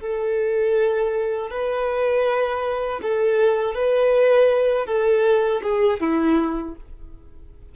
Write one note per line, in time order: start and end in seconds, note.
0.00 1.50 A4
1.50 3.00 B4
3.02 3.74 A4
3.74 4.86 B4
4.86 5.61 A4
5.62 6.00 G#4
6.00 6.75 E4